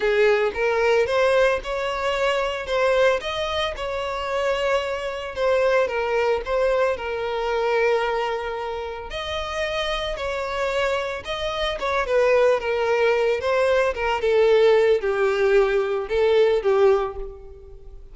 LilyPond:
\new Staff \with { instrumentName = "violin" } { \time 4/4 \tempo 4 = 112 gis'4 ais'4 c''4 cis''4~ | cis''4 c''4 dis''4 cis''4~ | cis''2 c''4 ais'4 | c''4 ais'2.~ |
ais'4 dis''2 cis''4~ | cis''4 dis''4 cis''8 b'4 ais'8~ | ais'4 c''4 ais'8 a'4. | g'2 a'4 g'4 | }